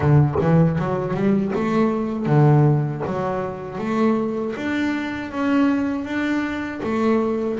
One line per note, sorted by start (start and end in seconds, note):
0.00 0.35 D3
0.40 0.78 E3
0.78 1.14 F#3
1.14 1.52 G3
1.54 2.26 A3
2.26 3.02 D3
3.06 3.78 F#3
3.78 4.54 A3
4.56 5.31 D4
5.31 6.04 C#4
6.04 6.80 D4
6.83 7.59 A3